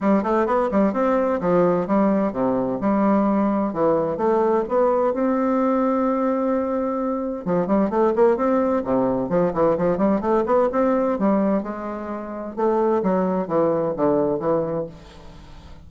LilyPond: \new Staff \with { instrumentName = "bassoon" } { \time 4/4 \tempo 4 = 129 g8 a8 b8 g8 c'4 f4 | g4 c4 g2 | e4 a4 b4 c'4~ | c'1 |
f8 g8 a8 ais8 c'4 c4 | f8 e8 f8 g8 a8 b8 c'4 | g4 gis2 a4 | fis4 e4 d4 e4 | }